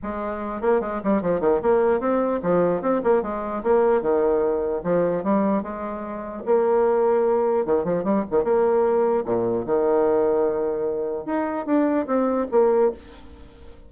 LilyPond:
\new Staff \with { instrumentName = "bassoon" } { \time 4/4 \tempo 4 = 149 gis4. ais8 gis8 g8 f8 dis8 | ais4 c'4 f4 c'8 ais8 | gis4 ais4 dis2 | f4 g4 gis2 |
ais2. dis8 f8 | g8 dis8 ais2 ais,4 | dis1 | dis'4 d'4 c'4 ais4 | }